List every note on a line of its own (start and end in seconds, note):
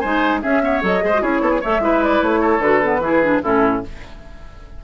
0.00 0.43 G#3
0.00 0.42 D#4
0.00 0.40 C5
0.00 0.40 G#5
0.42 0.62 C#4
0.42 0.83 C#4
0.42 0.62 G#4
0.42 0.83 E5
0.62 0.82 B3
0.62 1.04 C#5
0.82 1.03 F#3
0.82 1.01 A4
0.82 1.23 D#5
1.01 1.23 G#3
1.01 1.11 G#4
1.01 1.22 C5
1.14 1.21 F#4
1.21 1.41 C#4
1.21 1.61 E4
1.21 1.42 G#4
1.21 1.63 C#5
1.41 1.61 B3
1.41 1.51 A4
1.51 1.61 G#4
1.61 1.79 A3
1.61 1.81 A4
1.61 1.81 C#5
1.61 2.03 E5
1.79 2.19 G#3
1.79 2.61 E4
1.79 2.40 B4
2.03 2.23 D5
2.22 2.59 A3
2.22 2.62 C#5
2.40 3.00 A4
2.59 2.99 D3
2.59 2.82 F#4
2.59 3.42 B4
2.82 3.02 B3
3.00 3.40 E3
3.00 3.22 E4
3.00 3.42 G#4
3.22 3.42 D4
3.42 3.84 A2
3.42 3.83 C#4
3.42 3.82 E4
3.42 3.84 A4